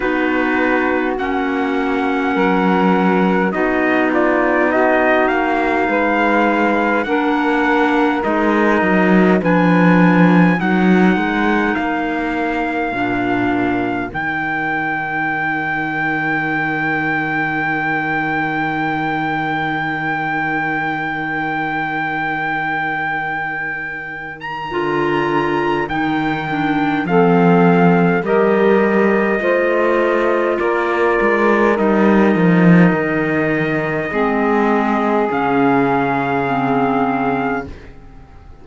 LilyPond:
<<
  \new Staff \with { instrumentName = "trumpet" } { \time 4/4 \tempo 4 = 51 b'4 fis''2 dis''8 d''8 | dis''8 f''4. fis''4 dis''4 | gis''4 fis''4 f''2 | g''1~ |
g''1~ | g''8. ais''4~ ais''16 g''4 f''4 | dis''2 d''4 dis''4~ | dis''2 f''2 | }
  \new Staff \with { instrumentName = "saxophone" } { \time 4/4 fis'2 ais'4 fis'8 f'8 | fis'4 b'4 ais'2 | b'4 ais'2.~ | ais'1~ |
ais'1~ | ais'2. a'4 | ais'4 c''4 ais'2~ | ais'4 gis'2. | }
  \new Staff \with { instrumentName = "clarinet" } { \time 4/4 dis'4 cis'2 dis'4~ | dis'2 d'4 dis'4 | d'4 dis'2 d'4 | dis'1~ |
dis'1~ | dis'4 f'4 dis'8 d'8 c'4 | g'4 f'2 dis'4~ | dis'4 c'4 cis'4 c'4 | }
  \new Staff \with { instrumentName = "cello" } { \time 4/4 b4 ais4 fis4 b4~ | b8 ais8 gis4 ais4 gis8 fis8 | f4 fis8 gis8 ais4 ais,4 | dis1~ |
dis1~ | dis4 d4 dis4 f4 | g4 a4 ais8 gis8 g8 f8 | dis4 gis4 cis2 | }
>>